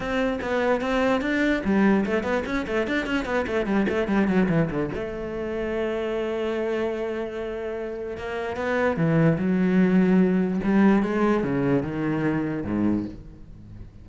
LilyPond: \new Staff \with { instrumentName = "cello" } { \time 4/4 \tempo 4 = 147 c'4 b4 c'4 d'4 | g4 a8 b8 cis'8 a8 d'8 cis'8 | b8 a8 g8 a8 g8 fis8 e8 d8 | a1~ |
a1 | ais4 b4 e4 fis4~ | fis2 g4 gis4 | cis4 dis2 gis,4 | }